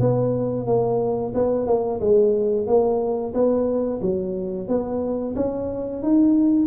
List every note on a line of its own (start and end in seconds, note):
0.00 0.66 B3
0.66 1.33 A#3
1.35 1.67 B3
1.67 2.00 A#3
2.00 2.67 G#3
2.67 3.34 A#3
3.34 4.01 B3
4.02 4.68 F#3
4.68 5.35 B3
5.36 6.02 C#4
6.02 6.67 D#4